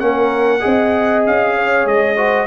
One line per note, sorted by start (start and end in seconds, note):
0.00 0.63 A#3
0.00 0.60 C#4
0.00 0.62 A#4
0.00 1.24 F#5
0.60 1.27 C4
0.60 2.15 G#4
0.60 1.55 D#5
1.27 1.85 C#4
1.27 1.87 F5
1.56 2.16 C#5
1.85 2.47 G#3
1.85 2.47 D#5
2.16 2.47 F#4
2.16 2.47 C5